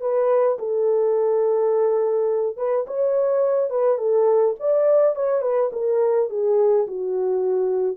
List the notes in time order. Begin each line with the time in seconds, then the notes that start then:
0.00 B4
0.59 A4
2.57 B4
2.87 C#5
3.70 B4
3.97 A4
4.59 D5
5.15 C#5
5.41 B4
5.72 A#4
6.29 G#4
6.87 F#4